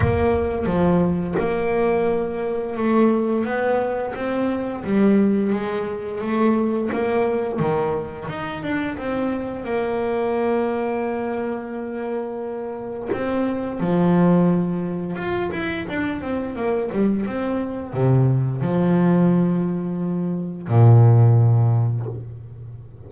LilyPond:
\new Staff \with { instrumentName = "double bass" } { \time 4/4 \tempo 4 = 87 ais4 f4 ais2 | a4 b4 c'4 g4 | gis4 a4 ais4 dis4 | dis'8 d'8 c'4 ais2~ |
ais2. c'4 | f2 f'8 e'8 d'8 c'8 | ais8 g8 c'4 c4 f4~ | f2 ais,2 | }